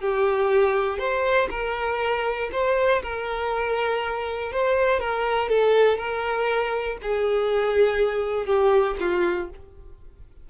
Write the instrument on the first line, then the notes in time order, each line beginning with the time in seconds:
violin
0.00 G4
0.99 C5
1.50 A#4
2.52 C5
3.02 A#4
4.52 C5
5.00 A#4
5.49 A4
5.98 A#4
7.02 G#4
8.46 G4
9.00 F4